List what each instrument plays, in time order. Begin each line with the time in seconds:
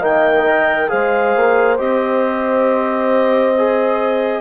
0.00 bassoon D#3, trombone A#3, horn D#5, clarinet G5
0.48 trombone A#4
0.88 bassoon G#3, trombone G#4, horn C5, clarinet F5
1.36 bassoon A#3
1.78 bassoon C4, trombone G4, clarinet D#5
3.58 trombone G#4